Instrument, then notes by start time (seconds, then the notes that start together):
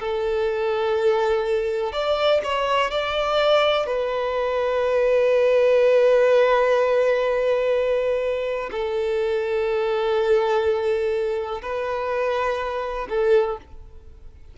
violin
0.00 A4
1.93 D5
2.44 C#5
2.91 D5
3.87 B4
8.72 A4
11.63 B4
13.10 A4